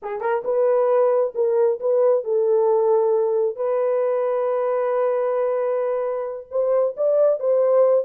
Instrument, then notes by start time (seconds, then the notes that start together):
horn
0.02 G#4
0.20 A#4
0.44 B4
1.34 A#4
1.80 B4
2.23 A4
3.56 B4
6.50 C5
6.96 D5
7.39 C5